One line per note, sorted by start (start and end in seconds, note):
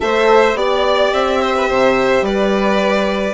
0.00 0.54 A3
0.00 0.54 A4
0.00 0.58 C5
0.00 0.56 E5
0.54 1.10 B3
0.54 3.34 G4
0.54 1.13 D5
0.54 1.41 D5
1.13 1.69 C4
1.13 2.25 E5
1.41 1.55 C5
1.55 1.68 B4
1.68 2.21 C3
1.68 2.23 C5
2.21 3.33 G3
2.21 3.34 B4
2.21 3.34 D5